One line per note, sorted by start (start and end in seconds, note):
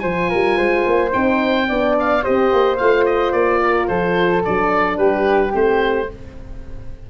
0.00 0.31 F3
0.00 1.11 F4
0.00 0.29 C5
0.00 1.10 G#5
0.29 0.58 G3
0.29 0.57 A#4
0.57 0.86 G#3
0.57 1.67 C5
0.86 1.14 A#3
1.11 1.70 C4
1.11 1.66 D#4
1.11 1.96 G5
1.68 2.25 B3
1.68 2.23 D4
1.68 2.23 D5
1.99 2.24 F5
2.23 2.53 C4
2.23 2.78 G4
2.23 3.60 C5
2.23 2.77 D#5
2.53 2.80 A#3
2.77 3.33 A3
2.77 4.45 F4
2.77 3.05 F5
3.06 3.32 D#5
3.32 3.88 A#3
3.32 3.87 D5
3.63 3.89 A#4
3.88 4.44 F3
3.88 4.99 A4
3.88 4.43 C5
4.45 4.98 F#3
4.45 5.52 D4
4.45 4.97 D5
4.97 5.53 G3
4.97 6.09 G4
4.97 5.53 B4
5.52 6.09 A3
5.52 6.07 C4
5.52 6.10 C5